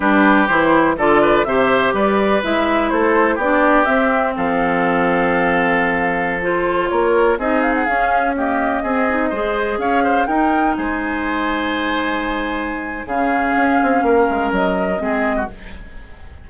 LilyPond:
<<
  \new Staff \with { instrumentName = "flute" } { \time 4/4 \tempo 4 = 124 b'4 c''4 d''4 e''4 | d''4 e''4 c''4 d''4 | e''4 f''2.~ | f''4~ f''16 c''4 cis''4 dis''8 f''16 |
fis''16 f''4 dis''2~ dis''8.~ | dis''16 f''4 g''4 gis''4.~ gis''16~ | gis''2. f''4~ | f''2 dis''2 | }
  \new Staff \with { instrumentName = "oboe" } { \time 4/4 g'2 a'8 b'8 c''4 | b'2 a'4 g'4~ | g'4 a'2.~ | a'2~ a'16 ais'4 gis'8.~ |
gis'4~ gis'16 g'4 gis'4 c''8.~ | c''16 cis''8 c''8 ais'4 c''4.~ c''16~ | c''2. gis'4~ | gis'4 ais'2 gis'8. fis'16 | }
  \new Staff \with { instrumentName = "clarinet" } { \time 4/4 d'4 e'4 f'4 g'4~ | g'4 e'2 d'4 | c'1~ | c'4~ c'16 f'2 dis'8.~ |
dis'16 cis'4 ais4 c'8 dis'8 gis'8.~ | gis'4~ gis'16 dis'2~ dis'8.~ | dis'2. cis'4~ | cis'2. c'4 | }
  \new Staff \with { instrumentName = "bassoon" } { \time 4/4 g4 e4 d4 c4 | g4 gis4 a4 b4 | c'4 f2.~ | f2~ f16 ais4 c'8.~ |
c'16 cis'2 c'4 gis8.~ | gis16 cis'4 dis'4 gis4.~ gis16~ | gis2. cis4 | cis'8 c'8 ais8 gis8 fis4 gis4 | }
>>